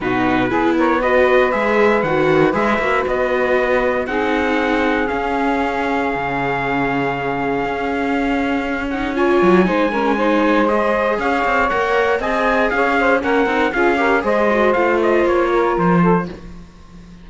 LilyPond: <<
  \new Staff \with { instrumentName = "trumpet" } { \time 4/4 \tempo 4 = 118 b'4. cis''8 dis''4 e''4 | fis''4 e''4 dis''2 | fis''2 f''2~ | f''1~ |
f''4. fis''8 gis''2~ | gis''4 dis''4 f''4 fis''4 | gis''4 f''4 fis''4 f''4 | dis''4 f''8 dis''8 cis''4 c''4 | }
  \new Staff \with { instrumentName = "saxophone" } { \time 4/4 fis'4 gis'8 ais'8 b'2~ | b'1 | gis'1~ | gis'1~ |
gis'2 cis''4 c''8 ais'8 | c''2 cis''2 | dis''4 cis''8 c''8 ais'4 gis'8 ais'8 | c''2~ c''8 ais'4 a'8 | }
  \new Staff \with { instrumentName = "viola" } { \time 4/4 dis'4 e'4 fis'4 gis'4 | fis'4 gis'8 fis'2~ fis'8 | dis'2 cis'2~ | cis'1~ |
cis'4. dis'8 f'4 dis'8 cis'8 | dis'4 gis'2 ais'4 | gis'2 cis'8 dis'8 f'8 g'8 | gis'8 fis'8 f'2. | }
  \new Staff \with { instrumentName = "cello" } { \time 4/4 b,4 b2 gis4 | dis4 gis8 ais8 b2 | c'2 cis'2 | cis2. cis'4~ |
cis'2~ cis'8 fis8 gis4~ | gis2 cis'8 c'8 ais4 | c'4 cis'4 ais8 c'8 cis'4 | gis4 a4 ais4 f4 | }
>>